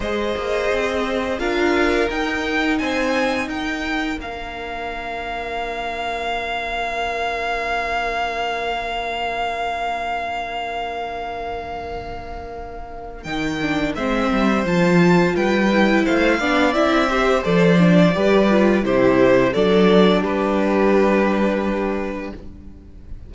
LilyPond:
<<
  \new Staff \with { instrumentName = "violin" } { \time 4/4 \tempo 4 = 86 dis''2 f''4 g''4 | gis''4 g''4 f''2~ | f''1~ | f''1~ |
f''2. g''4 | e''4 a''4 g''4 f''4 | e''4 d''2 c''4 | d''4 b'2. | }
  \new Staff \with { instrumentName = "violin" } { \time 4/4 c''2 ais'2 | c''4 ais'2.~ | ais'1~ | ais'1~ |
ais'1 | c''2 b'4 c''8 d''8~ | d''8 c''4. b'4 g'4 | a'4 g'2. | }
  \new Staff \with { instrumentName = "viola" } { \time 4/4 gis'2 f'4 dis'4~ | dis'2 d'2~ | d'1~ | d'1~ |
d'2. dis'8 d'8 | c'4 f'4. e'4 d'8 | e'8 g'8 a'8 d'8 g'8 f'8 e'4 | d'1 | }
  \new Staff \with { instrumentName = "cello" } { \time 4/4 gis8 ais8 c'4 d'4 dis'4 | c'4 dis'4 ais2~ | ais1~ | ais1~ |
ais2. dis4 | gis8 g8 f4 g4 a8 b8 | c'4 f4 g4 c4 | fis4 g2. | }
>>